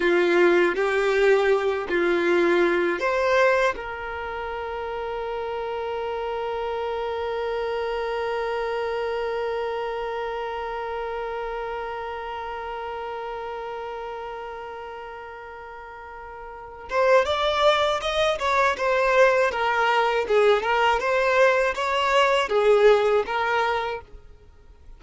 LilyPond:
\new Staff \with { instrumentName = "violin" } { \time 4/4 \tempo 4 = 80 f'4 g'4. f'4. | c''4 ais'2.~ | ais'1~ | ais'1~ |
ais'1~ | ais'2~ ais'8 c''8 d''4 | dis''8 cis''8 c''4 ais'4 gis'8 ais'8 | c''4 cis''4 gis'4 ais'4 | }